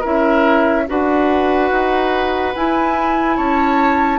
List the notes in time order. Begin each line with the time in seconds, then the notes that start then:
0.00 C#4 E4 A#4 E5
0.87 D4 F#4 B4 F#5
1.71 D#4
2.56 E4 G#5
3.36 C#4 C#5 A5